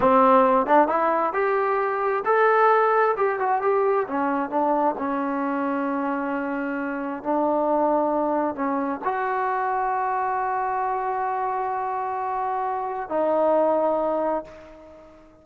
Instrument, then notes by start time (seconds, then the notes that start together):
trombone
0.00 C4
0.66 D4
0.88 E4
1.33 G4
2.25 A4
3.17 G4
3.39 F#4
3.61 G4
4.07 C#4
4.49 D4
4.97 C#4
7.23 D4
8.55 C#4
9.04 F#4
13.09 D#4